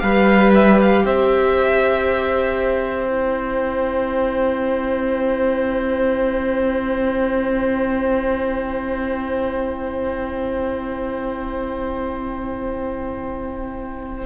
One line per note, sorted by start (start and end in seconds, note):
0.00 1.04 G3
0.00 3.07 G4
0.00 1.04 B4
0.00 0.51 F5
0.55 0.80 E5
0.82 1.06 F5
1.06 14.26 C4
1.06 14.26 C5
1.06 3.09 E5
3.07 14.26 E4
3.07 14.26 G5